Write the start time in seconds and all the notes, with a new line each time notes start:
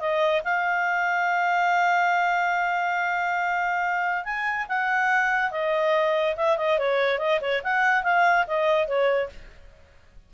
0.00 D#5
0.44 F5
4.24 G#5
4.68 F#5
5.51 D#5
6.36 E5
6.57 D#5
6.79 C#5
7.19 D#5
7.41 C#5
7.64 F#5
8.03 F5
8.47 D#5
8.87 C#5